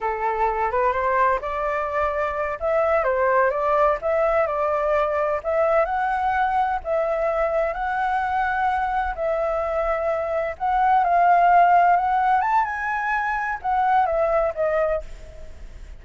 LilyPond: \new Staff \with { instrumentName = "flute" } { \time 4/4 \tempo 4 = 128 a'4. b'8 c''4 d''4~ | d''4. e''4 c''4 d''8~ | d''8 e''4 d''2 e''8~ | e''8 fis''2 e''4.~ |
e''8 fis''2. e''8~ | e''2~ e''8 fis''4 f''8~ | f''4. fis''4 a''8 gis''4~ | gis''4 fis''4 e''4 dis''4 | }